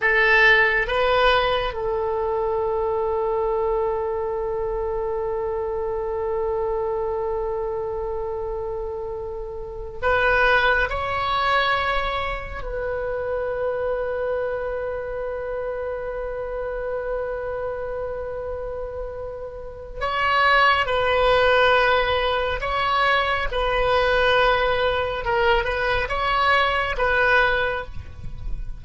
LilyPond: \new Staff \with { instrumentName = "oboe" } { \time 4/4 \tempo 4 = 69 a'4 b'4 a'2~ | a'1~ | a'2.~ a'8 b'8~ | b'8 cis''2 b'4.~ |
b'1~ | b'2. cis''4 | b'2 cis''4 b'4~ | b'4 ais'8 b'8 cis''4 b'4 | }